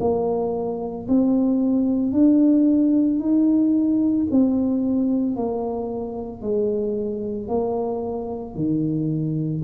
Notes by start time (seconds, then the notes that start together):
0.00 A#3
1.08 C4
2.12 D4
3.19 D#4
4.31 C4
5.36 A#3
6.41 G#3
7.48 A#3
8.55 D#3